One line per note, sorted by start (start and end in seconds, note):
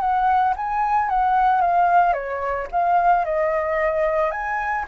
0.00 0.54 F#5
0.57 1.10 G#5
1.10 1.62 F#5
1.62 2.14 F5
2.14 2.68 C#5
2.72 3.25 F5
3.25 4.31 D#5
4.31 4.85 G#5